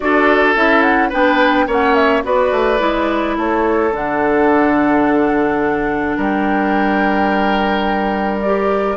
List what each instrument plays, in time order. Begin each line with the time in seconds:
0.00 bassoon D4, clarinet F#4, oboe A4, flute D5
0.55 bassoon C#4, clarinet E4, flute E5
0.82 flute F#5
1.09 bassoon B3, clarinet D4, oboe B4, flute G5
1.67 bassoon A#3, clarinet C#4, oboe C#5, flute F#5
1.94 flute E5
2.23 bassoon B3, clarinet F#4, oboe B4, flute D5
2.51 bassoon A3
2.78 bassoon G#3, clarinet E4
3.36 bassoon A3, oboe A4, flute C#5
3.92 bassoon D3, clarinet D4, flute F#5
6.16 bassoon G3, oboe A#4, flute G5
8.40 clarinet G4, flute D5